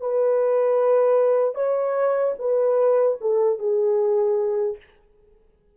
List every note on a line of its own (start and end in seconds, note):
0.00 1.55 B4
1.55 2.34 C#5
2.38 3.17 B4
3.20 3.58 A4
3.58 4.77 G#4